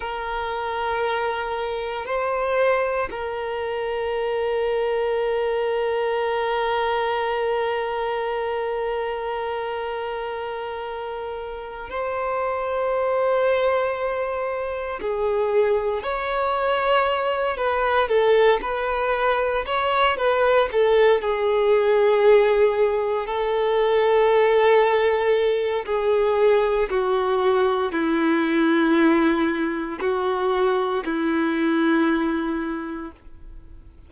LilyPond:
\new Staff \with { instrumentName = "violin" } { \time 4/4 \tempo 4 = 58 ais'2 c''4 ais'4~ | ais'1~ | ais'2.~ ais'8 c''8~ | c''2~ c''8 gis'4 cis''8~ |
cis''4 b'8 a'8 b'4 cis''8 b'8 | a'8 gis'2 a'4.~ | a'4 gis'4 fis'4 e'4~ | e'4 fis'4 e'2 | }